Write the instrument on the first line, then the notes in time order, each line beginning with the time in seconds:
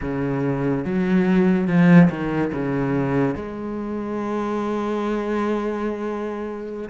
cello
0.01 C#3
0.84 F#3
1.67 F3
2.09 D#3
2.52 C#3
3.35 G#3